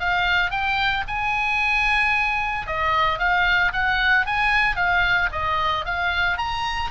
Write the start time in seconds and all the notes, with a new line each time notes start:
0.00 F5
0.51 G5
1.08 G#5
2.67 D#5
3.19 F5
3.73 F#5
4.27 G#5
4.76 F5
5.32 D#5
5.86 F5
6.38 A#5